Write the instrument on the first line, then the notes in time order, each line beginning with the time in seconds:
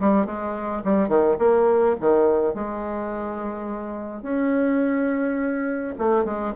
bassoon
0.00 G3
0.26 G#3
0.85 G3
1.08 D#3
1.39 A#3
2.01 D#3
2.55 G#3
4.22 C#4
5.99 A3
6.25 G#3